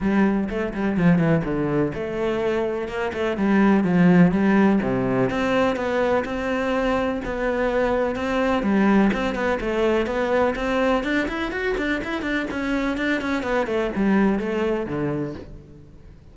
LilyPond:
\new Staff \with { instrumentName = "cello" } { \time 4/4 \tempo 4 = 125 g4 a8 g8 f8 e8 d4 | a2 ais8 a8 g4 | f4 g4 c4 c'4 | b4 c'2 b4~ |
b4 c'4 g4 c'8 b8 | a4 b4 c'4 d'8 e'8 | fis'8 d'8 e'8 d'8 cis'4 d'8 cis'8 | b8 a8 g4 a4 d4 | }